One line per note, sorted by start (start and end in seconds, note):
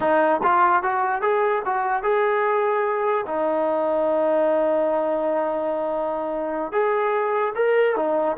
0.00 0.41 D#4
0.43 0.83 F4
0.83 1.21 F#4
1.21 1.62 G#4
1.65 2.02 F#4
2.02 3.25 G#4
3.26 6.72 D#4
6.72 7.53 G#4
7.55 7.95 A#4
7.95 8.36 D#4